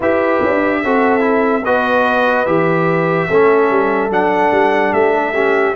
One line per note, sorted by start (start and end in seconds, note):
0.00 0.41 E4
0.00 0.84 G4
0.00 0.81 B4
0.00 1.64 E5
0.43 0.84 D4
0.84 1.65 C4
0.84 1.20 F#4
0.84 1.63 A4
1.20 1.61 E4
1.63 2.46 B3
1.63 2.46 F#4
1.63 3.28 B4
1.63 2.45 D#5
2.45 3.28 E3
2.45 3.28 G4
2.45 4.09 E5
3.28 3.70 A3
3.28 4.09 C#4
3.28 4.92 A4
3.70 4.10 G3
4.09 4.51 F#3
4.09 5.33 D4
4.09 4.93 F#5
4.51 4.92 G3
4.92 5.74 A3
4.92 5.12 G4
4.92 5.75 E5
5.14 5.34 A4
5.34 5.75 C#4
5.34 5.75 G4